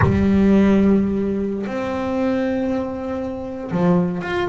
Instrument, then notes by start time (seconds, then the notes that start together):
double bass
0.01 G3
1.66 C4
3.71 F3
4.21 F4